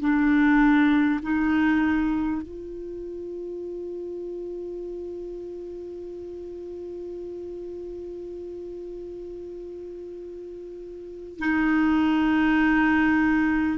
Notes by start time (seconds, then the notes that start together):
0.00 D4
1.23 D#4
2.42 F4
11.39 D#4